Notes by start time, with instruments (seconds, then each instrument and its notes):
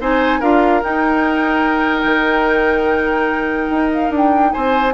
0.00 bassoon C4, clarinet D#4, oboe C5, flute G#5
0.40 bassoon D4, clarinet F4, oboe A#4, flute F5
0.83 clarinet D#4, bassoon D#4, flute G5
2.04 bassoon D#3
3.70 bassoon D#4
3.92 flute F5
4.10 bassoon D4
4.17 flute G5
4.52 bassoon C4, oboe C5, flute G#5